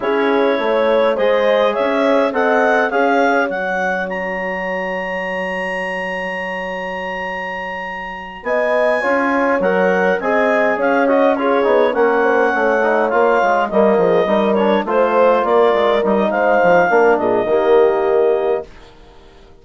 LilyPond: <<
  \new Staff \with { instrumentName = "clarinet" } { \time 4/4 \tempo 4 = 103 cis''2 dis''4 e''4 | fis''4 f''4 fis''4 ais''4~ | ais''1~ | ais''2~ ais''8 gis''4.~ |
gis''8 fis''4 gis''4 f''8 dis''8 cis''8~ | cis''8 fis''2 f''4 dis''8~ | dis''4 cis''8 c''4 d''4 dis''8 | f''4. dis''2~ dis''8 | }
  \new Staff \with { instrumentName = "horn" } { \time 4/4 gis'4 cis''4 c''4 cis''4 | dis''4 cis''2.~ | cis''1~ | cis''2~ cis''8 dis''4 cis''8~ |
cis''4. dis''4 cis''4 gis'8~ | gis'8 ais'8 c''8 cis''2 dis''8 | gis'8 ais'4 c''4 ais'4. | c''4 ais'8 gis'8 g'2 | }
  \new Staff \with { instrumentName = "trombone" } { \time 4/4 e'2 gis'2 | a'4 gis'4 fis'2~ | fis'1~ | fis'2.~ fis'8 f'8~ |
f'8 ais'4 gis'4. fis'8 f'8 | dis'8 cis'4. dis'8 f'4 ais8~ | ais8 dis'8 d'8 f'2 dis'8~ | dis'4 d'4 ais2 | }
  \new Staff \with { instrumentName = "bassoon" } { \time 4/4 cis'4 a4 gis4 cis'4 | c'4 cis'4 fis2~ | fis1~ | fis2~ fis8 b4 cis'8~ |
cis'8 fis4 c'4 cis'4. | b8 ais4 a4 ais8 gis8 g8 | f8 g4 a4 ais8 gis8 g8 | gis8 f8 ais8 ais,8 dis2 | }
>>